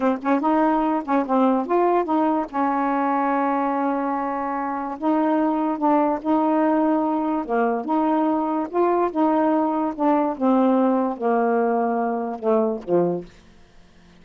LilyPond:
\new Staff \with { instrumentName = "saxophone" } { \time 4/4 \tempo 4 = 145 c'8 cis'8 dis'4. cis'8 c'4 | f'4 dis'4 cis'2~ | cis'1 | dis'2 d'4 dis'4~ |
dis'2 ais4 dis'4~ | dis'4 f'4 dis'2 | d'4 c'2 ais4~ | ais2 a4 f4 | }